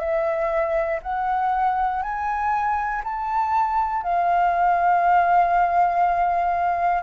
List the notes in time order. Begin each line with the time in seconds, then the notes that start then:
0.00 E5
1.03 F#5
2.03 G#5
3.04 A5
4.03 F5